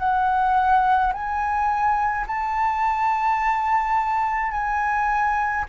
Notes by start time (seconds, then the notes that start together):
0.00 F#5
1.13 G#5
2.27 A5
4.52 G#5